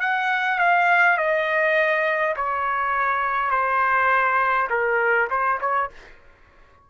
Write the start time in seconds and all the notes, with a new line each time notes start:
0.00 F#5
0.58 F5
1.17 D#5
2.36 C#5
3.50 C5
4.70 A#4
5.29 C5
5.60 C#5